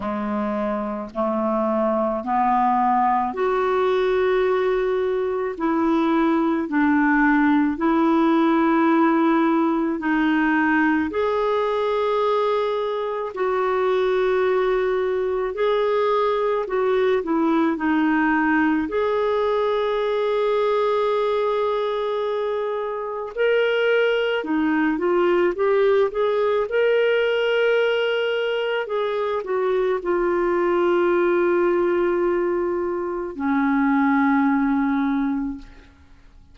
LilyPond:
\new Staff \with { instrumentName = "clarinet" } { \time 4/4 \tempo 4 = 54 gis4 a4 b4 fis'4~ | fis'4 e'4 d'4 e'4~ | e'4 dis'4 gis'2 | fis'2 gis'4 fis'8 e'8 |
dis'4 gis'2.~ | gis'4 ais'4 dis'8 f'8 g'8 gis'8 | ais'2 gis'8 fis'8 f'4~ | f'2 cis'2 | }